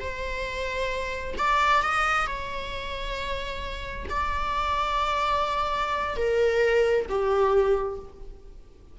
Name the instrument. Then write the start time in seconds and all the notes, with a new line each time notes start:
viola
0.00 C5
1.37 D5
1.82 D#5
2.27 C#5
4.09 D5
6.16 A#4
7.09 G4